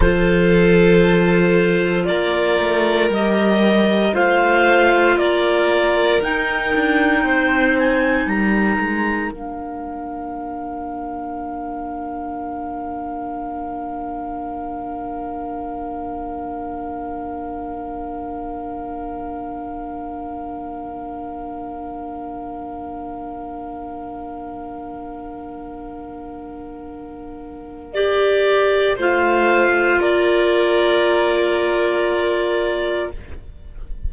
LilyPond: <<
  \new Staff \with { instrumentName = "clarinet" } { \time 4/4 \tempo 4 = 58 c''2 d''4 dis''4 | f''4 d''4 g''4. gis''8 | ais''4 f''2.~ | f''1~ |
f''1~ | f''1~ | f''2. d''4 | f''4 d''2. | }
  \new Staff \with { instrumentName = "violin" } { \time 4/4 a'2 ais'2 | c''4 ais'2 c''4 | ais'1~ | ais'1~ |
ais'1~ | ais'1~ | ais'1 | c''4 ais'2. | }
  \new Staff \with { instrumentName = "clarinet" } { \time 4/4 f'2. g'4 | f'2 dis'2~ | dis'4 d'2.~ | d'1~ |
d'1~ | d'1~ | d'2. g'4 | f'1 | }
  \new Staff \with { instrumentName = "cello" } { \time 4/4 f2 ais8 a8 g4 | a4 ais4 dis'8 d'8 c'4 | g8 gis8 ais2.~ | ais1~ |
ais1~ | ais1~ | ais1 | a4 ais2. | }
>>